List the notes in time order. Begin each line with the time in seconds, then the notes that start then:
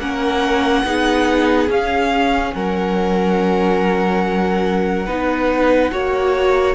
0.00 A#3 C#4 A#4 F#5
0.85 B3 D#4 G#4
1.69 C#4 F5
2.54 F#3 A#4 F#5
5.07 B3 D#4 B4
5.92 A#3 F#4 C#5